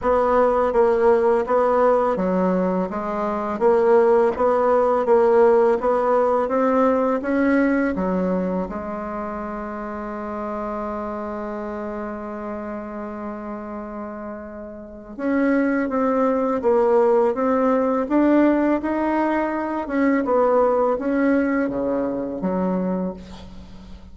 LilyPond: \new Staff \with { instrumentName = "bassoon" } { \time 4/4 \tempo 4 = 83 b4 ais4 b4 fis4 | gis4 ais4 b4 ais4 | b4 c'4 cis'4 fis4 | gis1~ |
gis1~ | gis4 cis'4 c'4 ais4 | c'4 d'4 dis'4. cis'8 | b4 cis'4 cis4 fis4 | }